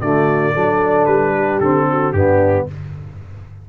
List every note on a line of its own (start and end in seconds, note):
0.00 0.54 D3
0.00 0.55 A3
0.00 0.53 F#4
0.00 1.05 D5
0.53 1.06 F#3
0.53 1.62 D4
0.53 1.33 A4
1.05 1.60 G3
1.05 1.59 B4
1.33 1.87 G4
1.60 2.13 D3
1.60 2.14 C4
1.60 2.12 A4
1.90 2.15 F#4
2.12 2.66 G2
2.12 2.68 B3
2.12 2.69 D4
2.12 2.66 G4